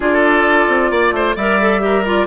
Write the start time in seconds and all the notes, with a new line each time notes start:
0.00 D4 F4 A4 D5
0.68 C4
0.90 A#3 D5
1.11 A3 C5
1.35 G3 A#4 D5 E5
1.60 A4
1.80 G4 A#4
2.04 F4 D5